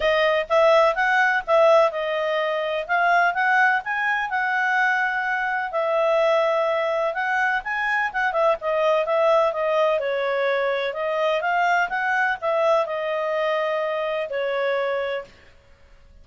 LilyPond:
\new Staff \with { instrumentName = "clarinet" } { \time 4/4 \tempo 4 = 126 dis''4 e''4 fis''4 e''4 | dis''2 f''4 fis''4 | gis''4 fis''2. | e''2. fis''4 |
gis''4 fis''8 e''8 dis''4 e''4 | dis''4 cis''2 dis''4 | f''4 fis''4 e''4 dis''4~ | dis''2 cis''2 | }